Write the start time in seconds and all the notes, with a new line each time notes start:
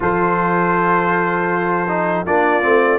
0.00 F3 F4 A4 C5
1.88 D#4
2.25 A#3 D4 F4 D5
2.62 A3 C4